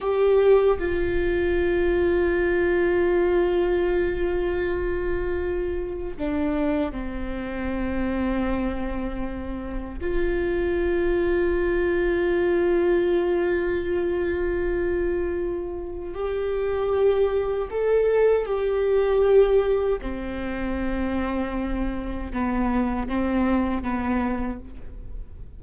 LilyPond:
\new Staff \with { instrumentName = "viola" } { \time 4/4 \tempo 4 = 78 g'4 f'2.~ | f'1 | d'4 c'2.~ | c'4 f'2.~ |
f'1~ | f'4 g'2 a'4 | g'2 c'2~ | c'4 b4 c'4 b4 | }